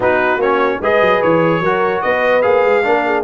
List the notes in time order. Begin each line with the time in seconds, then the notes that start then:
0.00 B3 D#4 F#4 B4
0.37 A#3 C#4 C#5
0.81 G#3 G#4 B4 D#5
1.01 F#3
1.22 E3 C#5
1.60 F#3 F#4 A#4
2.01 B3 B4 D#5
2.42 A#3 G#4 F5
2.64 G#3
2.83 A#3 D4 A#4
3.05 G#4